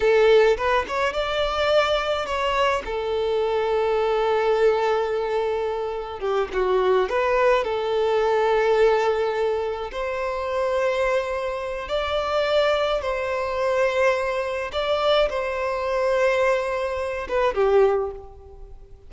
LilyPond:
\new Staff \with { instrumentName = "violin" } { \time 4/4 \tempo 4 = 106 a'4 b'8 cis''8 d''2 | cis''4 a'2.~ | a'2. g'8 fis'8~ | fis'8 b'4 a'2~ a'8~ |
a'4. c''2~ c''8~ | c''4 d''2 c''4~ | c''2 d''4 c''4~ | c''2~ c''8 b'8 g'4 | }